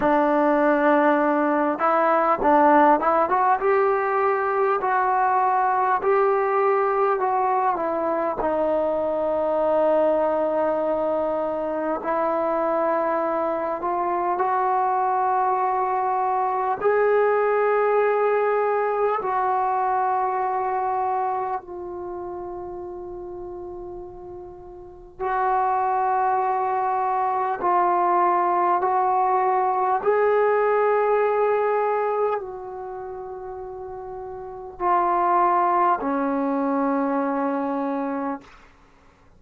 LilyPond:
\new Staff \with { instrumentName = "trombone" } { \time 4/4 \tempo 4 = 50 d'4. e'8 d'8 e'16 fis'16 g'4 | fis'4 g'4 fis'8 e'8 dis'4~ | dis'2 e'4. f'8 | fis'2 gis'2 |
fis'2 f'2~ | f'4 fis'2 f'4 | fis'4 gis'2 fis'4~ | fis'4 f'4 cis'2 | }